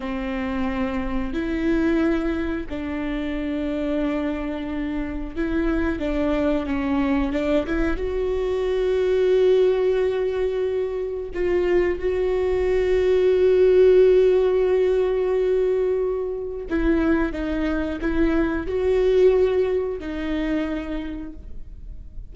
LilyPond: \new Staff \with { instrumentName = "viola" } { \time 4/4 \tempo 4 = 90 c'2 e'2 | d'1 | e'4 d'4 cis'4 d'8 e'8 | fis'1~ |
fis'4 f'4 fis'2~ | fis'1~ | fis'4 e'4 dis'4 e'4 | fis'2 dis'2 | }